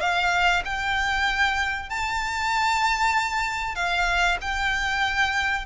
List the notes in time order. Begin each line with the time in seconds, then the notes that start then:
0.00 F5
0.64 G5
1.89 A5
3.75 F5
4.41 G5